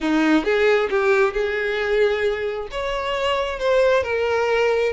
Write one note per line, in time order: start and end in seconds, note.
0.00 0.44 D#4
0.44 0.89 G#4
0.90 1.33 G4
1.33 2.67 G#4
2.71 3.59 C#5
3.59 4.03 C5
4.03 4.92 A#4